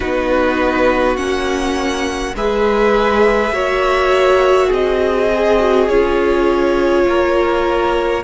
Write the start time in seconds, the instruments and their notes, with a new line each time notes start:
0.00 cello B3, viola D#4, violin F#4 B4
1.16 cello A#3, viola C#4, violin F#5
2.35 cello G#3, viola G#4, violin B4 E5
3.51 cello A#3, viola F#4, violin C#5
4.66 cello C4, violin G#4
4.73 violin D#5
5.29 viola G#4
5.59 viola F#4
5.87 cello C#4, viola F4, violin C#5
7.07 cello A#3, violin A#4